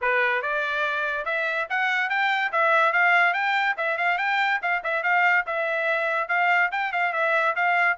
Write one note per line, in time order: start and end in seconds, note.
0.01 0.42 B4
0.42 1.25 D5
1.25 1.67 E5
1.69 2.09 F#5
2.09 2.51 G5
2.52 2.93 E5
2.93 3.33 F5
3.33 3.75 G5
3.77 3.97 E5
3.97 4.17 F5
4.17 4.59 G5
4.62 4.83 F5
4.83 5.03 E5
5.03 5.45 F5
5.46 6.28 E5
6.28 6.70 F5
6.71 6.92 G5
6.92 7.13 F5
7.13 7.54 E5
7.55 7.97 F5